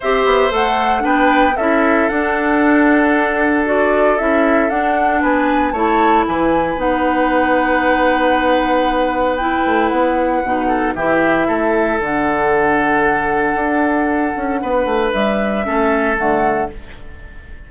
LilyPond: <<
  \new Staff \with { instrumentName = "flute" } { \time 4/4 \tempo 4 = 115 e''4 fis''4 g''4 e''4 | fis''2. d''4 | e''4 fis''4 gis''4 a''4 | gis''4 fis''2.~ |
fis''2 g''4 fis''4~ | fis''4 e''2 fis''4~ | fis''1~ | fis''4 e''2 fis''4 | }
  \new Staff \with { instrumentName = "oboe" } { \time 4/4 c''2 b'4 a'4~ | a'1~ | a'2 b'4 cis''4 | b'1~ |
b'1~ | b'8 a'8 g'4 a'2~ | a'1 | b'2 a'2 | }
  \new Staff \with { instrumentName = "clarinet" } { \time 4/4 g'4 a'4 d'4 e'4 | d'2. fis'4 | e'4 d'2 e'4~ | e'4 dis'2.~ |
dis'2 e'2 | dis'4 e'2 d'4~ | d'1~ | d'2 cis'4 a4 | }
  \new Staff \with { instrumentName = "bassoon" } { \time 4/4 c'8 b8 a4 b4 cis'4 | d'1 | cis'4 d'4 b4 a4 | e4 b2.~ |
b2~ b8 a8 b4 | b,4 e4 a4 d4~ | d2 d'4. cis'8 | b8 a8 g4 a4 d4 | }
>>